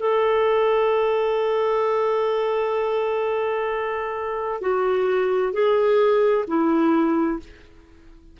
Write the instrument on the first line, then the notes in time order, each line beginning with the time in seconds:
clarinet
0.00 A4
4.62 F#4
5.53 G#4
6.48 E4